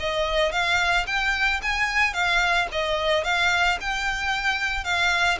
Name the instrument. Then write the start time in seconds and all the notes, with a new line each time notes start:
violin
0.00 D#5
0.52 F5
1.07 G5
1.62 G#5
2.14 F5
2.72 D#5
3.24 F5
3.81 G5
4.85 F5